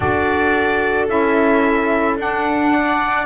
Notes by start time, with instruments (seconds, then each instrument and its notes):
0.00 double bass D4, saxophone F#4, viola A4, trumpet D5
1.08 double bass C#4, saxophone E4, trumpet E5
2.17 double bass D4, saxophone D4, trumpet F#5
2.73 viola D5